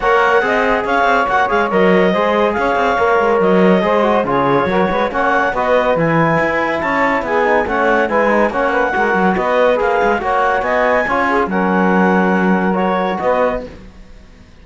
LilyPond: <<
  \new Staff \with { instrumentName = "clarinet" } { \time 4/4 \tempo 4 = 141 fis''2 f''4 fis''8 f''8 | dis''2 f''2 | dis''2 cis''2 | fis''4 dis''4 gis''2 |
a''4 gis''4 fis''4 gis''4 | fis''2 dis''4 f''4 | fis''4 gis''2 fis''4~ | fis''2 cis''4 dis''4 | }
  \new Staff \with { instrumentName = "saxophone" } { \time 4/4 cis''4 dis''4 cis''2~ | cis''4 c''4 cis''2~ | cis''4 c''4 gis'4 ais'8 b'8 | cis''4 b'2. |
cis''4 gis'4 cis''4 b'4 | cis''8 b'8 ais'4 b'2 | cis''4 dis''4 cis''8 gis'8 ais'4~ | ais'2. b'4 | }
  \new Staff \with { instrumentName = "trombone" } { \time 4/4 ais'4 gis'2 fis'8 gis'8 | ais'4 gis'2 ais'4~ | ais'4 gis'8 fis'8 f'4 fis'4 | cis'4 fis'4 e'2~ |
e'4. dis'8 cis'4 e'8 dis'8 | cis'4 fis'2 gis'4 | fis'2 f'4 cis'4~ | cis'2 fis'2 | }
  \new Staff \with { instrumentName = "cello" } { \time 4/4 ais4 c'4 cis'8 c'8 ais8 gis8 | fis4 gis4 cis'8 c'8 ais8 gis8 | fis4 gis4 cis4 fis8 gis8 | ais4 b4 e4 e'4 |
cis'4 b4 a4 gis4 | ais4 gis8 fis8 b4 ais8 gis8 | ais4 b4 cis'4 fis4~ | fis2. b4 | }
>>